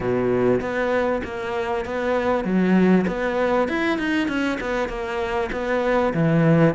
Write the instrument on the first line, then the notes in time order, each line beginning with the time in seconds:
cello
0.00 B2
0.60 B3
1.24 A#3
1.85 B3
2.44 F#3
3.07 B3
3.68 E4
3.98 D#4
4.27 C#4
4.60 B3
4.88 A#3
5.52 B3
6.13 E3